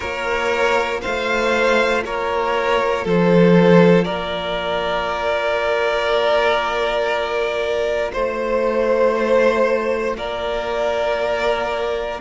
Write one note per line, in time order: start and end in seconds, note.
0.00 1.04 A#3
0.00 12.19 F4
0.00 1.00 A#4
0.00 1.01 C#5
1.01 2.05 A3
1.01 2.03 C5
1.01 2.03 F5
2.05 3.05 A#3
2.05 3.04 A#4
2.05 3.06 C#5
3.04 4.07 F3
3.04 4.04 A4
3.04 4.04 C5
4.04 8.14 A#3
4.04 8.11 A#4
4.04 8.10 D5
8.12 10.16 A3
8.12 10.16 C5
10.16 12.19 A#3
10.16 12.20 A#4
10.16 12.21 D5